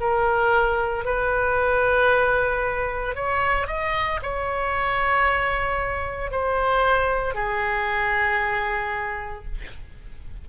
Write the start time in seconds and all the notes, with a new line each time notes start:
0.00 A#4
1.05 B4
3.15 C#5
3.67 D#5
4.22 C#5
6.31 C5
7.34 G#4